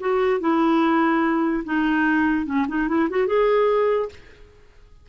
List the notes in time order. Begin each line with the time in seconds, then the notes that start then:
0.00 F#4
0.41 E4
1.65 D#4
2.46 C#4
2.68 D#4
2.88 E4
3.10 F#4
3.27 G#4